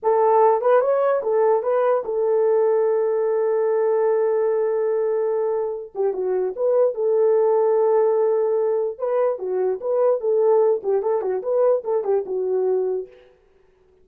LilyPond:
\new Staff \with { instrumentName = "horn" } { \time 4/4 \tempo 4 = 147 a'4. b'8 cis''4 a'4 | b'4 a'2.~ | a'1~ | a'2~ a'8 g'8 fis'4 |
b'4 a'2.~ | a'2 b'4 fis'4 | b'4 a'4. g'8 a'8 fis'8 | b'4 a'8 g'8 fis'2 | }